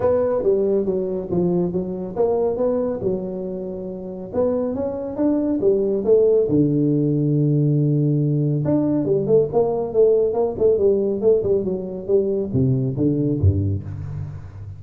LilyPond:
\new Staff \with { instrumentName = "tuba" } { \time 4/4 \tempo 4 = 139 b4 g4 fis4 f4 | fis4 ais4 b4 fis4~ | fis2 b4 cis'4 | d'4 g4 a4 d4~ |
d1 | d'4 g8 a8 ais4 a4 | ais8 a8 g4 a8 g8 fis4 | g4 c4 d4 g,4 | }